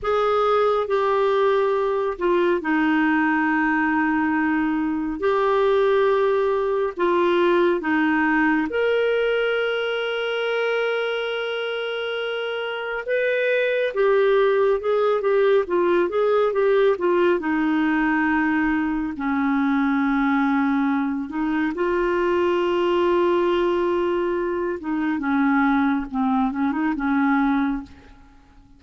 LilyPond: \new Staff \with { instrumentName = "clarinet" } { \time 4/4 \tempo 4 = 69 gis'4 g'4. f'8 dis'4~ | dis'2 g'2 | f'4 dis'4 ais'2~ | ais'2. b'4 |
g'4 gis'8 g'8 f'8 gis'8 g'8 f'8 | dis'2 cis'2~ | cis'8 dis'8 f'2.~ | f'8 dis'8 cis'4 c'8 cis'16 dis'16 cis'4 | }